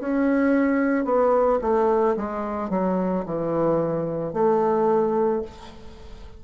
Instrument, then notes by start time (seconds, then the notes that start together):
bassoon
0.00 C#4
1.05 B3
1.62 A3
2.17 G#3
2.70 F#3
3.26 E3
4.33 A3